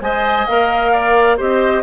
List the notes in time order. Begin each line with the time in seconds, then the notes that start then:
0.00 G#3 C5 D#5 G#5
0.46 A#3 A#4 F5
0.92 D5
1.37 C4 G4 C5 D#5